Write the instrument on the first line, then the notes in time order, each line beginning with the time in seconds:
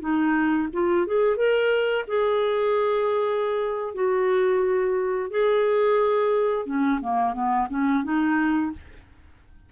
clarinet
0.00 D#4
0.73 F4
1.06 G#4
1.36 A#4
2.07 G#4
3.94 F#4
5.30 G#4
6.65 C#4
7.01 A#3
7.33 B3
7.70 C#4
8.03 D#4